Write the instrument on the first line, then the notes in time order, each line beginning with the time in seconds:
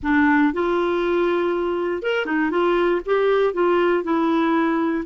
clarinet
0.03 D4
0.53 F4
2.02 A#4
2.25 D#4
2.50 F4
3.05 G4
3.53 F4
4.03 E4